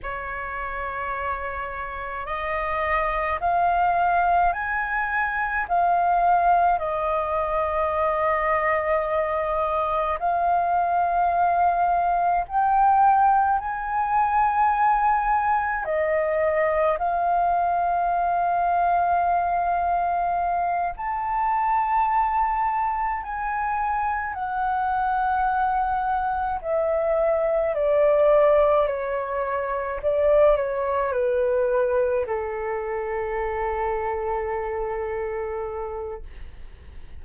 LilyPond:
\new Staff \with { instrumentName = "flute" } { \time 4/4 \tempo 4 = 53 cis''2 dis''4 f''4 | gis''4 f''4 dis''2~ | dis''4 f''2 g''4 | gis''2 dis''4 f''4~ |
f''2~ f''8 a''4.~ | a''8 gis''4 fis''2 e''8~ | e''8 d''4 cis''4 d''8 cis''8 b'8~ | b'8 a'2.~ a'8 | }